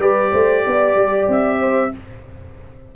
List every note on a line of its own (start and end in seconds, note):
0.00 0.32 G3
0.00 1.92 G4
0.00 0.32 B4
0.00 1.29 D5
0.32 0.65 A3
0.32 0.64 C5
0.65 0.96 B3
0.65 1.60 D5
0.96 1.28 G3
1.28 1.92 C4
1.28 1.96 E5
1.60 1.92 C5